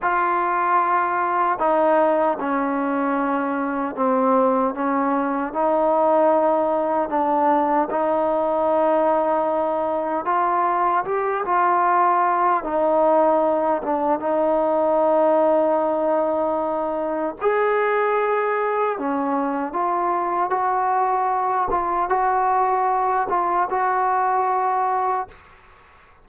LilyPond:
\new Staff \with { instrumentName = "trombone" } { \time 4/4 \tempo 4 = 76 f'2 dis'4 cis'4~ | cis'4 c'4 cis'4 dis'4~ | dis'4 d'4 dis'2~ | dis'4 f'4 g'8 f'4. |
dis'4. d'8 dis'2~ | dis'2 gis'2 | cis'4 f'4 fis'4. f'8 | fis'4. f'8 fis'2 | }